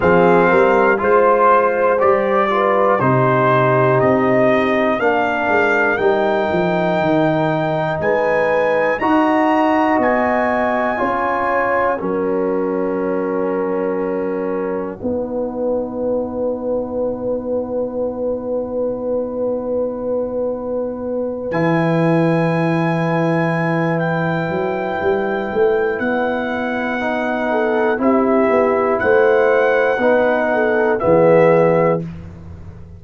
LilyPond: <<
  \new Staff \with { instrumentName = "trumpet" } { \time 4/4 \tempo 4 = 60 f''4 c''4 d''4 c''4 | dis''4 f''4 g''2 | gis''4 ais''4 gis''2 | fis''1~ |
fis''1~ | fis''4. gis''2~ gis''8 | g''2 fis''2 | e''4 fis''2 e''4 | }
  \new Staff \with { instrumentName = "horn" } { \time 4/4 gis'8 ais'8 c''4. b'8 g'4~ | g'4 ais'2. | b'4 dis''2 cis''4 | ais'2. b'4~ |
b'1~ | b'1~ | b'2.~ b'8 a'8 | g'4 c''4 b'8 a'8 gis'4 | }
  \new Staff \with { instrumentName = "trombone" } { \time 4/4 c'4 f'4 g'8 f'8 dis'4~ | dis'4 d'4 dis'2~ | dis'4 fis'2 f'4 | cis'2. dis'4~ |
dis'1~ | dis'4. e'2~ e'8~ | e'2. dis'4 | e'2 dis'4 b4 | }
  \new Staff \with { instrumentName = "tuba" } { \time 4/4 f8 g8 gis4 g4 c4 | c'4 ais8 gis8 g8 f8 dis4 | gis4 dis'4 b4 cis'4 | fis2. b4~ |
b1~ | b4. e2~ e8~ | e8 fis8 g8 a8 b2 | c'8 b8 a4 b4 e4 | }
>>